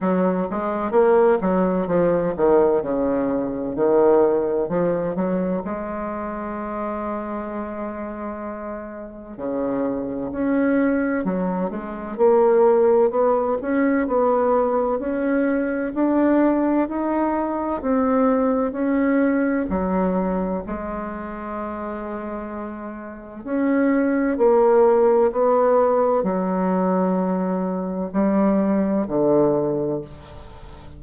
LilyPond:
\new Staff \with { instrumentName = "bassoon" } { \time 4/4 \tempo 4 = 64 fis8 gis8 ais8 fis8 f8 dis8 cis4 | dis4 f8 fis8 gis2~ | gis2 cis4 cis'4 | fis8 gis8 ais4 b8 cis'8 b4 |
cis'4 d'4 dis'4 c'4 | cis'4 fis4 gis2~ | gis4 cis'4 ais4 b4 | fis2 g4 d4 | }